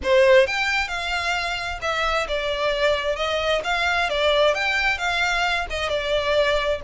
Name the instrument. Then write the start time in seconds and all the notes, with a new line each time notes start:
violin
0.03 C5
0.46 G5
0.88 F5
1.81 E5
2.27 D5
3.16 D#5
3.64 F5
4.09 D5
4.54 G5
4.98 F5
5.70 D#5
5.89 D5